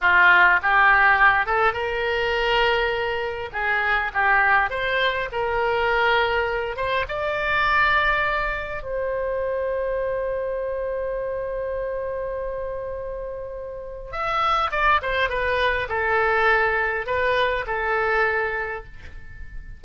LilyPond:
\new Staff \with { instrumentName = "oboe" } { \time 4/4 \tempo 4 = 102 f'4 g'4. a'8 ais'4~ | ais'2 gis'4 g'4 | c''4 ais'2~ ais'8 c''8 | d''2. c''4~ |
c''1~ | c''1 | e''4 d''8 c''8 b'4 a'4~ | a'4 b'4 a'2 | }